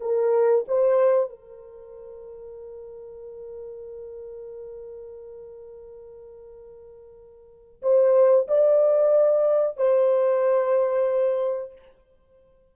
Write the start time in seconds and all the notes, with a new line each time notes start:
0.00 A#4
0.67 C5
1.29 A#4
7.82 C5
8.48 D5
9.76 C5